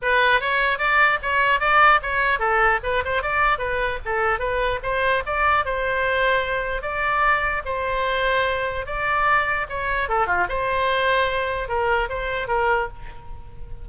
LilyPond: \new Staff \with { instrumentName = "oboe" } { \time 4/4 \tempo 4 = 149 b'4 cis''4 d''4 cis''4 | d''4 cis''4 a'4 b'8 c''8 | d''4 b'4 a'4 b'4 | c''4 d''4 c''2~ |
c''4 d''2 c''4~ | c''2 d''2 | cis''4 a'8 f'8 c''2~ | c''4 ais'4 c''4 ais'4 | }